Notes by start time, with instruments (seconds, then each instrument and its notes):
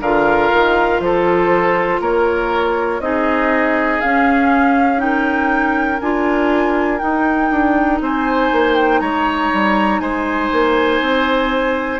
0.00 bassoon D3, clarinet F4, oboe A#4, flute F5
0.53 bassoon D#3
1.00 bassoon F3, oboe A4, flute C5
2.01 bassoon A#3, oboe A#4, flute C#5
3.00 bassoon C4, clarinet D#4, oboe G#4, flute D#5
4.00 clarinet C#4, bassoon C#4, flute F5
4.97 clarinet D#4, oboe A#4, flute G5
6.00 bassoon D4, clarinet F4, flute G#5
6.99 clarinet D#4, bassoon D#4, flute G5
7.50 bassoon D4
8.01 bassoon C4, oboe C5, flute G#5
8.52 bassoon A#3
8.76 flute G5
9.00 bassoon G#3, oboe C#5, flute A#5
9.53 bassoon G3
10.00 bassoon G#3, oboe C5, flute G#5
10.52 bassoon A#3
11.00 bassoon C4